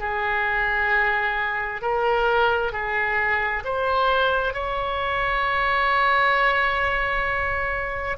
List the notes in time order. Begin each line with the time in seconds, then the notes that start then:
0.00 G#4
1.82 A#4
2.73 G#4
3.65 C5
4.54 C#5